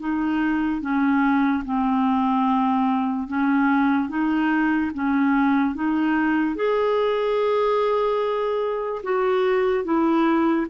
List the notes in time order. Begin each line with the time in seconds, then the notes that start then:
0.00 D#4
0.81 C#4
1.65 C4
3.28 C#4
4.09 D#4
4.94 C#4
5.75 D#4
6.56 G#4
9.04 F#4
9.84 E4